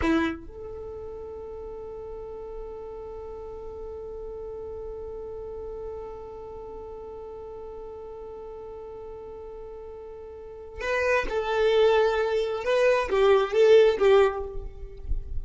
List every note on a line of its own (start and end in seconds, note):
0.01 0.46 E4
0.46 10.80 A4
10.80 11.26 B4
11.29 12.64 A4
12.64 13.09 B4
13.09 13.53 G4
13.53 13.98 A4
13.98 14.43 G4